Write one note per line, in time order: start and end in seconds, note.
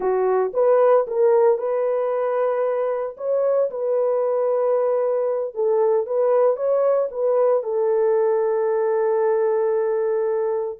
0.00 0.51 F#4
0.53 1.06 B4
1.07 1.58 A#4
1.58 3.16 B4
3.17 3.69 C#5
3.70 5.54 B4
5.54 6.06 A4
6.06 6.56 B4
6.56 7.09 C#5
7.11 7.63 B4
7.63 10.79 A4